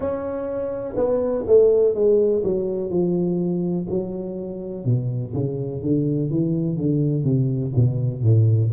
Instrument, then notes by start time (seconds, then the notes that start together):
tuba
0.00 C#4
0.96 B3
1.46 A3
1.94 G#3
2.43 F#3
2.90 F3
3.89 F#3
4.84 B2
5.33 C#3
5.82 D3
6.30 E3
6.77 D3
7.23 C3
7.75 B2
8.23 A2